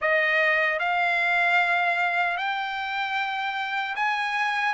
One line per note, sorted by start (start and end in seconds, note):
0.01 0.79 D#5
0.79 2.37 F5
2.37 3.95 G5
3.95 4.74 G#5